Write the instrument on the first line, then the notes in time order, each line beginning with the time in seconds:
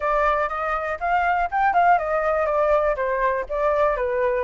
flute
0.00 D5
0.48 D#5
0.99 F5
1.51 G5
1.73 F5
1.98 D#5
2.46 D5
2.96 C5
3.49 D5
3.96 B4